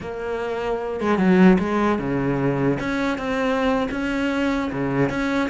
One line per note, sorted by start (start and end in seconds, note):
0.00 1.00 A#3
1.00 1.18 G#3
1.18 1.58 F#3
1.58 1.98 G#3
1.98 2.78 C#3
2.79 3.17 C#4
3.17 3.87 C4
3.91 4.71 C#4
4.72 5.09 C#3
5.09 5.49 C#4